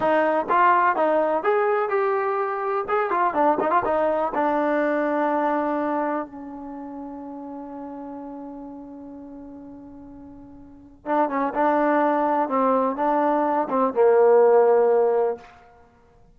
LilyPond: \new Staff \with { instrumentName = "trombone" } { \time 4/4 \tempo 4 = 125 dis'4 f'4 dis'4 gis'4 | g'2 gis'8 f'8 d'8 dis'16 f'16 | dis'4 d'2.~ | d'4 cis'2.~ |
cis'1~ | cis'2. d'8 cis'8 | d'2 c'4 d'4~ | d'8 c'8 ais2. | }